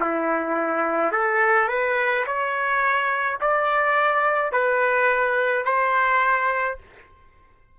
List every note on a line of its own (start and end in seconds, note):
0.00 1.12 E4
1.12 1.68 A4
1.68 2.25 B4
2.26 3.39 C#5
3.41 4.52 D5
4.52 5.64 B4
5.64 6.78 C5